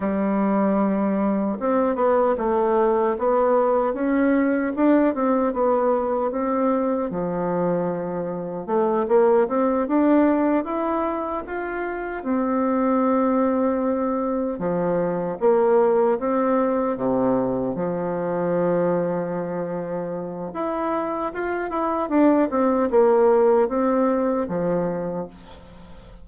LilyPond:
\new Staff \with { instrumentName = "bassoon" } { \time 4/4 \tempo 4 = 76 g2 c'8 b8 a4 | b4 cis'4 d'8 c'8 b4 | c'4 f2 a8 ais8 | c'8 d'4 e'4 f'4 c'8~ |
c'2~ c'8 f4 ais8~ | ais8 c'4 c4 f4.~ | f2 e'4 f'8 e'8 | d'8 c'8 ais4 c'4 f4 | }